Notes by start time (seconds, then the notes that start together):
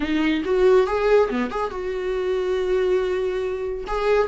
0.00 D#4
0.44 F#4
0.86 G#4
1.30 B3
1.50 G#4
1.70 F#4
3.87 G#4